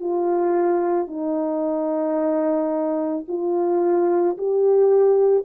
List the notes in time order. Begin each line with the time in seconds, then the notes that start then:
0.00 F4
1.07 D#4
3.28 F4
4.37 G4